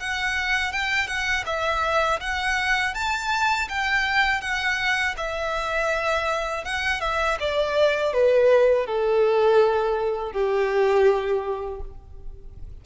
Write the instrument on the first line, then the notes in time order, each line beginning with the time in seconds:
violin
0.00 F#5
0.72 G5
1.07 F#5
1.46 E5
2.21 F#5
2.94 A5
3.69 G5
4.41 F#5
5.17 E5
6.65 F#5
7.01 E5
7.40 D5
8.13 B4
8.86 A4
10.32 G4